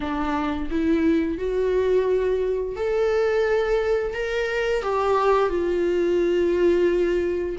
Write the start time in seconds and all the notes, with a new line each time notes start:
0.00 D4
0.70 E4
1.38 F#4
2.76 A4
4.13 A#4
4.82 G4
5.49 F4